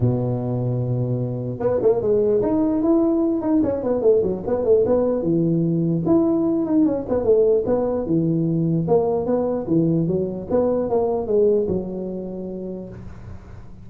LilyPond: \new Staff \with { instrumentName = "tuba" } { \time 4/4 \tempo 4 = 149 b,1 | b8 ais8 gis4 dis'4 e'4~ | e'8 dis'8 cis'8 b8 a8 fis8 b8 a8 | b4 e2 e'4~ |
e'8 dis'8 cis'8 b8 a4 b4 | e2 ais4 b4 | e4 fis4 b4 ais4 | gis4 fis2. | }